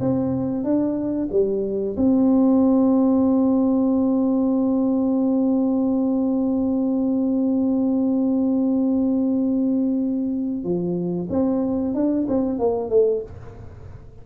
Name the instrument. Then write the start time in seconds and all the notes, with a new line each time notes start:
tuba
0.00 C4
0.64 D4
1.31 G3
1.97 C4
10.64 F3
11.30 C4
11.94 D4
12.28 C4
12.59 A#3
12.89 A3